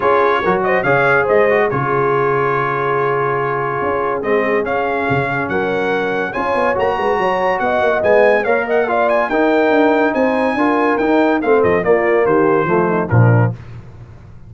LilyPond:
<<
  \new Staff \with { instrumentName = "trumpet" } { \time 4/4 \tempo 4 = 142 cis''4. dis''8 f''4 dis''4 | cis''1~ | cis''2 dis''4 f''4~ | f''4 fis''2 gis''4 |
ais''2 fis''4 gis''4 | f''8 fis''8 f''8 gis''8 g''2 | gis''2 g''4 f''8 dis''8 | d''4 c''2 ais'4 | }
  \new Staff \with { instrumentName = "horn" } { \time 4/4 gis'4 ais'8 c''8 cis''4 c''4 | gis'1~ | gis'1~ | gis'4 ais'2 cis''4~ |
cis''8 b'8 cis''4 dis''2 | cis''8 dis''8 d''4 ais'2 | c''4 ais'2 a'4 | f'4 g'4 f'8 dis'8 d'4 | }
  \new Staff \with { instrumentName = "trombone" } { \time 4/4 f'4 fis'4 gis'4. fis'8 | f'1~ | f'2 c'4 cis'4~ | cis'2. f'4 |
fis'2. b4 | ais'4 f'4 dis'2~ | dis'4 f'4 dis'4 c'4 | ais2 a4 f4 | }
  \new Staff \with { instrumentName = "tuba" } { \time 4/4 cis'4 fis4 cis4 gis4 | cis1~ | cis4 cis'4 gis4 cis'4 | cis4 fis2 cis'8 b8 |
ais8 gis8 fis4 b8 ais8 gis4 | ais2 dis'4 d'4 | c'4 d'4 dis'4 a8 f8 | ais4 dis4 f4 ais,4 | }
>>